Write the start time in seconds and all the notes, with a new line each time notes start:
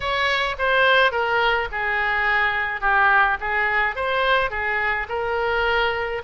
0.00 C#5
0.58 C5
1.11 A#4
1.71 G#4
2.80 G4
3.40 G#4
3.95 C5
4.50 G#4
5.08 A#4